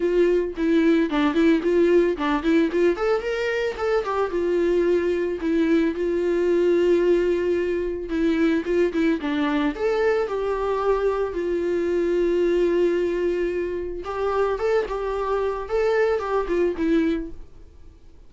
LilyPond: \new Staff \with { instrumentName = "viola" } { \time 4/4 \tempo 4 = 111 f'4 e'4 d'8 e'8 f'4 | d'8 e'8 f'8 a'8 ais'4 a'8 g'8 | f'2 e'4 f'4~ | f'2. e'4 |
f'8 e'8 d'4 a'4 g'4~ | g'4 f'2.~ | f'2 g'4 a'8 g'8~ | g'4 a'4 g'8 f'8 e'4 | }